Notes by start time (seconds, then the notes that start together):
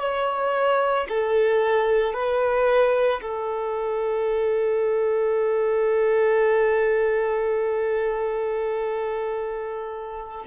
0.00 C#5
1.09 A4
2.13 B4
3.21 A4